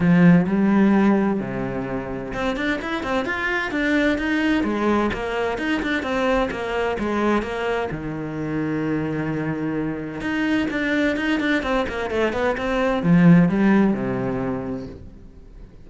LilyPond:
\new Staff \with { instrumentName = "cello" } { \time 4/4 \tempo 4 = 129 f4 g2 c4~ | c4 c'8 d'8 e'8 c'8 f'4 | d'4 dis'4 gis4 ais4 | dis'8 d'8 c'4 ais4 gis4 |
ais4 dis2.~ | dis2 dis'4 d'4 | dis'8 d'8 c'8 ais8 a8 b8 c'4 | f4 g4 c2 | }